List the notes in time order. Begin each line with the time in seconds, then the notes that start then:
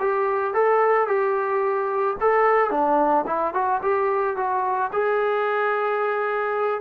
0.00 G4
0.54 A4
1.08 G4
2.21 A4
2.71 D4
3.27 E4
3.54 F#4
3.82 G4
4.37 F#4
4.93 G#4